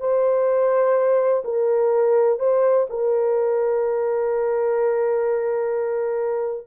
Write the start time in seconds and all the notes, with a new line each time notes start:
0.00 C5
1.45 A#4
2.39 C5
2.90 A#4